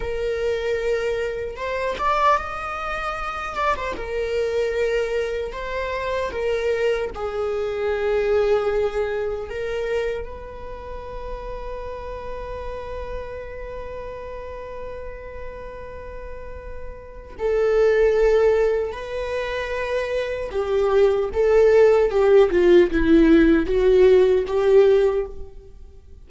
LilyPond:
\new Staff \with { instrumentName = "viola" } { \time 4/4 \tempo 4 = 76 ais'2 c''8 d''8 dis''4~ | dis''8 d''16 c''16 ais'2 c''4 | ais'4 gis'2. | ais'4 b'2.~ |
b'1~ | b'2 a'2 | b'2 g'4 a'4 | g'8 f'8 e'4 fis'4 g'4 | }